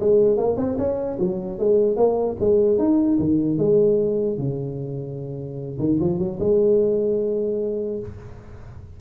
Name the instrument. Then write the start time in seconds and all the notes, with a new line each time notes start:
tuba
0.00 G#3
0.37 A#3
0.57 C4
0.78 C#4
1.19 F#3
1.59 G#3
1.97 A#3
2.40 G#3
2.79 D#4
3.19 D#3
3.58 G#3
4.38 C#3
5.79 D#3
6.00 F3
6.19 F#3
6.40 G#3